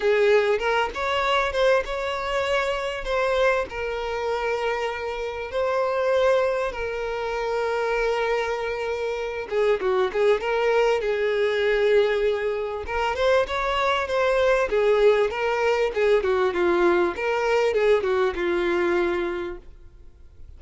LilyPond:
\new Staff \with { instrumentName = "violin" } { \time 4/4 \tempo 4 = 98 gis'4 ais'8 cis''4 c''8 cis''4~ | cis''4 c''4 ais'2~ | ais'4 c''2 ais'4~ | ais'2.~ ais'8 gis'8 |
fis'8 gis'8 ais'4 gis'2~ | gis'4 ais'8 c''8 cis''4 c''4 | gis'4 ais'4 gis'8 fis'8 f'4 | ais'4 gis'8 fis'8 f'2 | }